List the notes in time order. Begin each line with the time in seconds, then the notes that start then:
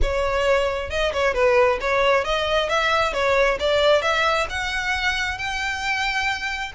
0.02 C#5
0.90 D#5
1.12 C#5
1.34 B4
1.81 C#5
2.24 D#5
2.69 E5
3.13 C#5
3.59 D5
4.02 E5
4.49 F#5
5.37 G5